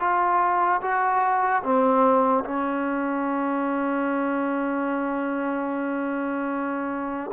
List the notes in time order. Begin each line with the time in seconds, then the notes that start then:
0.00 F4
0.82 F#4
1.63 C4
2.45 C#4